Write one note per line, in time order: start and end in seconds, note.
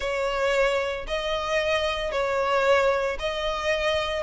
0.00 1.06 C#5
1.07 2.11 D#5
2.11 3.17 C#5
3.19 4.23 D#5